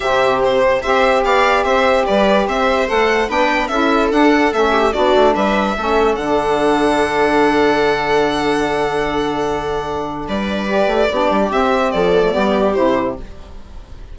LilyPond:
<<
  \new Staff \with { instrumentName = "violin" } { \time 4/4 \tempo 4 = 146 e''4 c''4 e''4 f''4 | e''4 d''4 e''4 fis''4 | g''4 e''4 fis''4 e''4 | d''4 e''2 fis''4~ |
fis''1~ | fis''1~ | fis''4 d''2. | e''4 d''2 c''4 | }
  \new Staff \with { instrumentName = "viola" } { \time 4/4 g'2 c''4 d''4 | c''4 b'4 c''2 | b'4 a'2~ a'8 g'8 | fis'4 b'4 a'2~ |
a'1~ | a'1~ | a'4 b'2 g'4~ | g'4 a'4 g'2 | }
  \new Staff \with { instrumentName = "saxophone" } { \time 4/4 c'2 g'2~ | g'2. a'4 | d'4 e'4 d'4 cis'4 | d'2 cis'4 d'4~ |
d'1~ | d'1~ | d'2 g'4 d'4 | c'4. b16 a16 b4 e'4 | }
  \new Staff \with { instrumentName = "bassoon" } { \time 4/4 c2 c'4 b4 | c'4 g4 c'4 a4 | b4 cis'4 d'4 a4 | b8 a8 g4 a4 d4~ |
d1~ | d1~ | d4 g4. a8 b8 g8 | c'4 f4 g4 c4 | }
>>